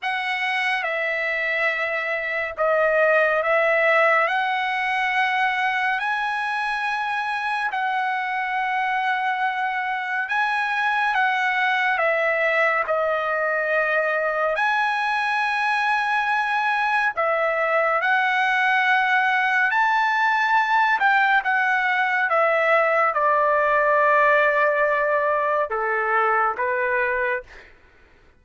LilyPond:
\new Staff \with { instrumentName = "trumpet" } { \time 4/4 \tempo 4 = 70 fis''4 e''2 dis''4 | e''4 fis''2 gis''4~ | gis''4 fis''2. | gis''4 fis''4 e''4 dis''4~ |
dis''4 gis''2. | e''4 fis''2 a''4~ | a''8 g''8 fis''4 e''4 d''4~ | d''2 a'4 b'4 | }